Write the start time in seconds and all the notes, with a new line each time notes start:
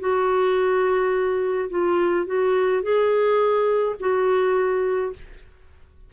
0.00 F#4
1.70 F4
2.26 F#4
2.83 G#4
4.00 F#4